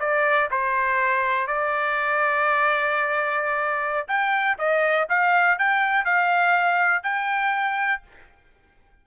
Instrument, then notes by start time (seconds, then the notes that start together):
trumpet
0.00 D5
0.51 C5
1.47 D5
4.08 G5
4.59 D#5
5.10 F5
5.59 G5
6.05 F5
7.03 G5